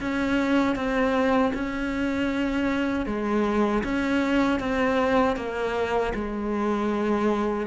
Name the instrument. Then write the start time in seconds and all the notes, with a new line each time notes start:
cello
0.00 C#4
0.75 C4
1.53 C#4
3.06 G#3
3.83 C#4
4.59 C4
5.36 A#3
6.14 G#3